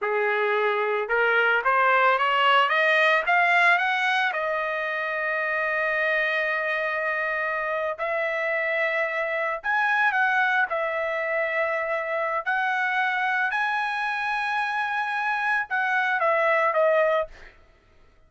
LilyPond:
\new Staff \with { instrumentName = "trumpet" } { \time 4/4 \tempo 4 = 111 gis'2 ais'4 c''4 | cis''4 dis''4 f''4 fis''4 | dis''1~ | dis''2~ dis''8. e''4~ e''16~ |
e''4.~ e''16 gis''4 fis''4 e''16~ | e''2. fis''4~ | fis''4 gis''2.~ | gis''4 fis''4 e''4 dis''4 | }